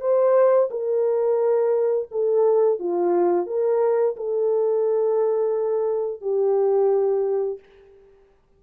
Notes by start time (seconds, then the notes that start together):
0.00 C5
0.70 A#4
2.11 A4
2.79 F4
3.46 A#4
4.16 A4
6.21 G4